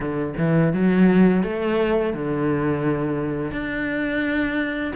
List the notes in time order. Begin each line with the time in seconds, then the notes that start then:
0.00 D3
0.37 E3
0.73 F#3
1.43 A3
2.13 D3
3.51 D4